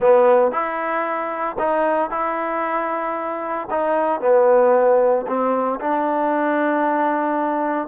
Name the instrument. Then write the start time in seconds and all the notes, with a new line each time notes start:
trombone
0.00 B3
0.51 E4
1.58 D#4
2.10 E4
3.70 D#4
4.21 B3
5.27 C4
5.79 D4